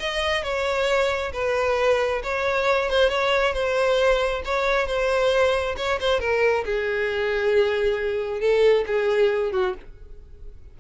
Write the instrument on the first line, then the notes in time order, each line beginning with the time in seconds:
violin
0.00 D#5
0.44 C#5
1.33 B4
2.24 C#5
2.90 C5
3.10 C#5
3.54 C5
4.45 C#5
4.87 C5
5.77 C#5
6.00 C5
6.20 A#4
6.66 G#4
8.41 A4
8.87 G#4
9.53 F#4